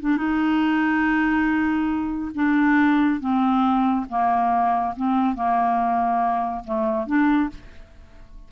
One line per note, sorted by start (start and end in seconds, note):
0.00 0.17 D4
0.17 2.31 D#4
2.34 3.20 D4
3.20 4.05 C4
4.09 4.94 A#3
4.96 5.35 C4
5.35 6.63 A#3
6.64 7.06 A3
7.06 7.49 D4